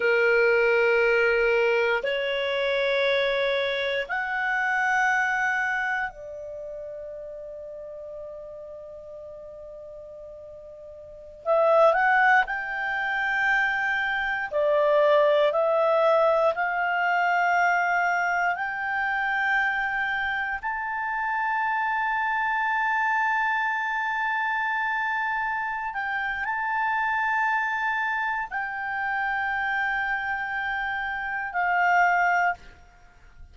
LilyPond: \new Staff \with { instrumentName = "clarinet" } { \time 4/4 \tempo 4 = 59 ais'2 cis''2 | fis''2 d''2~ | d''2.~ d''16 e''8 fis''16~ | fis''16 g''2 d''4 e''8.~ |
e''16 f''2 g''4.~ g''16~ | g''16 a''2.~ a''8.~ | a''4. g''8 a''2 | g''2. f''4 | }